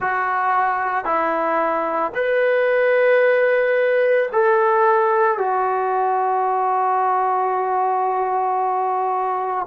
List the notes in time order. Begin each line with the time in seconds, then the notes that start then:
0.00 F#4
1.05 E4
2.14 B4
4.32 A4
5.38 F#4